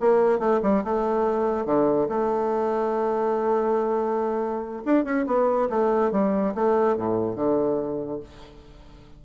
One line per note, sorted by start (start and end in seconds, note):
0.00 0.39 A#3
0.39 0.60 A3
0.62 0.84 G3
0.84 1.66 A3
1.66 2.08 D3
2.09 4.83 A3
4.85 5.04 D4
5.04 5.25 C#4
5.26 5.69 B3
5.69 6.12 A3
6.12 6.54 G3
6.55 6.97 A3
6.97 7.36 A2
7.36 8.20 D3